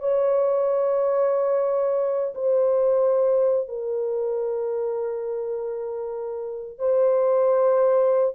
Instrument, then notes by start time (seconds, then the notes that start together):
horn
0.00 C#5
2.34 C5
3.68 A#4
6.79 C5